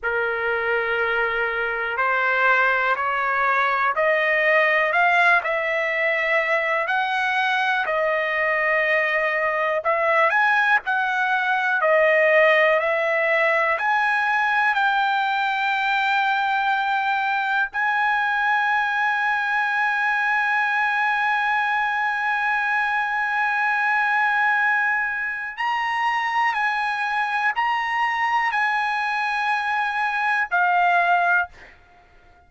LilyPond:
\new Staff \with { instrumentName = "trumpet" } { \time 4/4 \tempo 4 = 61 ais'2 c''4 cis''4 | dis''4 f''8 e''4. fis''4 | dis''2 e''8 gis''8 fis''4 | dis''4 e''4 gis''4 g''4~ |
g''2 gis''2~ | gis''1~ | gis''2 ais''4 gis''4 | ais''4 gis''2 f''4 | }